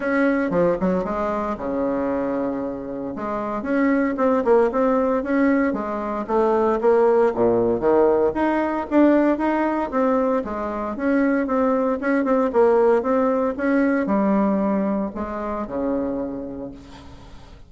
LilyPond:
\new Staff \with { instrumentName = "bassoon" } { \time 4/4 \tempo 4 = 115 cis'4 f8 fis8 gis4 cis4~ | cis2 gis4 cis'4 | c'8 ais8 c'4 cis'4 gis4 | a4 ais4 ais,4 dis4 |
dis'4 d'4 dis'4 c'4 | gis4 cis'4 c'4 cis'8 c'8 | ais4 c'4 cis'4 g4~ | g4 gis4 cis2 | }